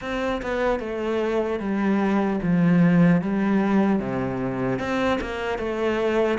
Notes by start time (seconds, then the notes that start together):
0.01 C4
0.41 B3
0.79 A3
1.59 G3
2.42 F3
3.21 G3
3.99 C3
4.79 C4
5.20 A#3
5.58 A3